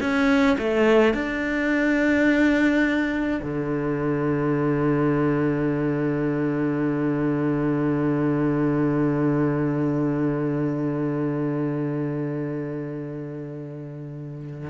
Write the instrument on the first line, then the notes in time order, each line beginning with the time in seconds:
cello
0.00 C#4
0.58 A3
1.13 D4
3.42 D3